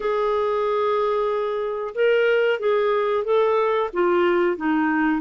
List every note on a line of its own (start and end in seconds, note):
0.00 1.94 G#4
1.94 2.59 A#4
2.59 3.24 G#4
3.24 3.90 A4
3.93 4.57 F4
4.57 5.21 D#4